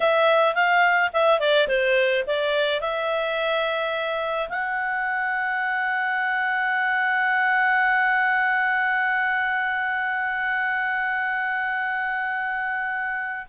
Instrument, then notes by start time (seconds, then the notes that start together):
clarinet
0.00 E5
0.55 F5
1.13 E5
1.39 D5
1.67 C5
2.26 D5
2.80 E5
4.49 F#5